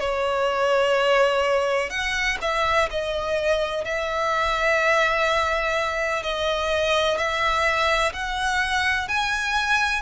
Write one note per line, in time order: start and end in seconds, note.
0.00 1.90 C#5
1.90 2.38 F#5
2.42 2.89 E5
2.90 3.85 D#5
3.85 6.23 E5
6.23 7.17 D#5
7.17 8.13 E5
8.13 9.09 F#5
9.09 10.02 G#5